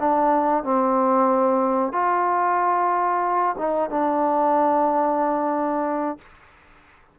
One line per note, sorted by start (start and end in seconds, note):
0.00 0.64 D4
0.64 1.93 C4
1.93 3.56 F4
3.58 3.90 D#4
3.90 6.19 D4